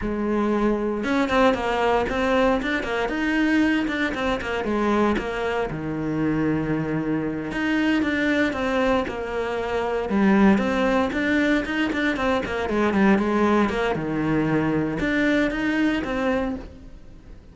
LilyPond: \new Staff \with { instrumentName = "cello" } { \time 4/4 \tempo 4 = 116 gis2 cis'8 c'8 ais4 | c'4 d'8 ais8 dis'4. d'8 | c'8 ais8 gis4 ais4 dis4~ | dis2~ dis8 dis'4 d'8~ |
d'8 c'4 ais2 g8~ | g8 c'4 d'4 dis'8 d'8 c'8 | ais8 gis8 g8 gis4 ais8 dis4~ | dis4 d'4 dis'4 c'4 | }